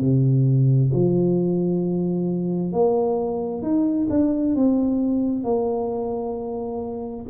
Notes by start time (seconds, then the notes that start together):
0.00 C3
0.93 F3
2.72 A#3
3.62 D#4
4.10 D4
4.55 C4
5.43 A#3